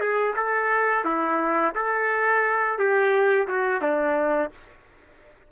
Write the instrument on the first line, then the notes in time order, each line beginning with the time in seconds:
trumpet
0.00 G#4
0.36 A4
1.05 E4
1.75 A4
2.78 G4
3.48 F#4
3.81 D4